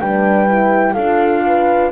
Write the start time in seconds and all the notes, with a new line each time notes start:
0.00 G3 D4 B4 G5
0.48 E4
0.93 D4 F4 A4 F5
1.46 B4